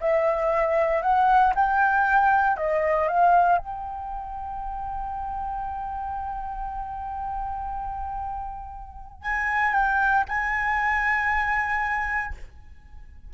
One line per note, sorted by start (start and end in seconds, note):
0.00 1.02 E5
1.02 1.53 F#5
1.55 2.56 G5
2.56 3.07 D#5
3.07 3.57 F5
3.57 9.21 G5
9.22 9.73 G#5
9.73 10.24 G5
10.28 12.33 G#5